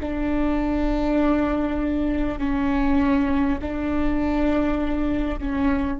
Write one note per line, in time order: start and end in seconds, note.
0.00 2.39 D4
2.39 3.59 C#4
3.62 5.39 D4
5.39 5.99 C#4